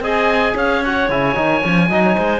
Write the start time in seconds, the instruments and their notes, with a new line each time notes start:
0.00 cello C4, trombone G#4, clarinet D#5, oboe G#5
0.55 cello C#4, clarinet C#5, oboe F5
0.84 trombone F#4, oboe F#5
1.09 cello C#3, trombone E4, oboe G#5
1.35 cello D#3, trombone D#4
1.63 cello F3, trombone C#4
1.89 cello F#3, trombone D#4, clarinet D#5
2.06 clarinet C#5
2.17 cello G#3, clarinet C5